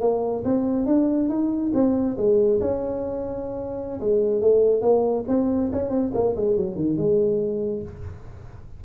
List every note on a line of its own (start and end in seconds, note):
0.00 0.43 A#3
0.44 0.86 C4
0.86 1.29 D4
1.29 1.72 D#4
1.74 2.16 C4
2.17 2.60 G#3
2.60 4.00 C#4
4.00 4.41 G#3
4.41 4.81 A3
4.81 5.24 A#3
5.28 5.70 C4
5.72 5.89 C#4
5.89 6.11 C4
6.13 6.35 A#3
6.36 6.56 G#3
6.56 6.75 F#3
6.75 6.97 D#3
6.97 7.83 G#3